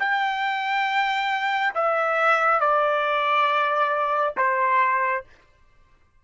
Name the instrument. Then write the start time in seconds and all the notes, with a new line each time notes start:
trumpet
0.00 G5
1.75 E5
2.61 D5
4.38 C5